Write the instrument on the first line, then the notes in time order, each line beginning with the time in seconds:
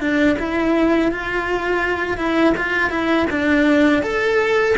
cello
0.00 D4
0.39 E4
1.11 F4
2.17 E4
2.57 F4
2.90 E4
3.30 D4
4.02 A4